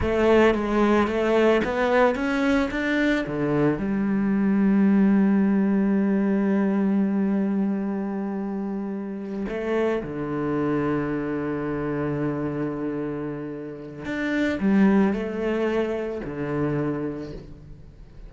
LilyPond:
\new Staff \with { instrumentName = "cello" } { \time 4/4 \tempo 4 = 111 a4 gis4 a4 b4 | cis'4 d'4 d4 g4~ | g1~ | g1~ |
g4. a4 d4.~ | d1~ | d2 d'4 g4 | a2 d2 | }